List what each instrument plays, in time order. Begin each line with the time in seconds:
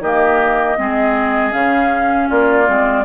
0.00 bassoon D#3, clarinet A#3, oboe G4, flute D#5
0.78 bassoon G#3, clarinet C4, oboe G#4
1.52 bassoon C#3, clarinet C#4, flute F5
2.28 bassoon A#3, oboe F4, flute D5
2.66 bassoon G#3, clarinet C4